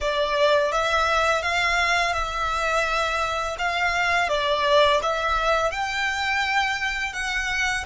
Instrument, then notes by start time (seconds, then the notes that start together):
violin
0.01 D5
0.72 E5
1.42 F5
2.13 E5
3.58 F5
4.29 D5
5.02 E5
5.71 G5
7.13 F#5